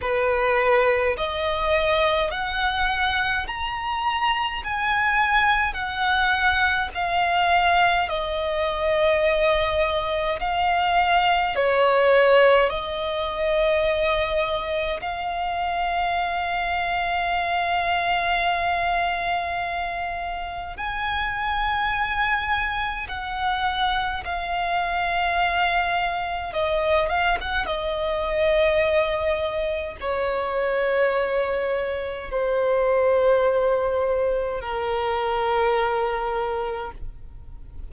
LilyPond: \new Staff \with { instrumentName = "violin" } { \time 4/4 \tempo 4 = 52 b'4 dis''4 fis''4 ais''4 | gis''4 fis''4 f''4 dis''4~ | dis''4 f''4 cis''4 dis''4~ | dis''4 f''2.~ |
f''2 gis''2 | fis''4 f''2 dis''8 f''16 fis''16 | dis''2 cis''2 | c''2 ais'2 | }